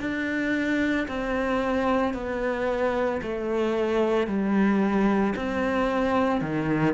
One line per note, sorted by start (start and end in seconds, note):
0.00 1.07 D4
1.08 2.14 C4
2.14 3.21 B3
3.22 4.27 A3
4.27 5.34 G3
5.36 6.41 C4
6.41 6.94 D#3